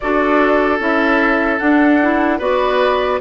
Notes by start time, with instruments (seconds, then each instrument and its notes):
0.00 bassoon D4, clarinet F#4, oboe A4, flute D5
0.79 bassoon C#4, clarinet E4, flute E5
1.58 clarinet D4, bassoon D4, flute F#5
2.01 clarinet E4
2.38 bassoon B3, clarinet F#4, oboe B4, flute D5